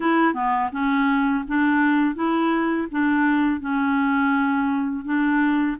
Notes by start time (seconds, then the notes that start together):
0.00 E4
0.34 B3
0.72 C#4
1.47 D4
2.15 E4
2.91 D4
3.60 C#4
5.04 D4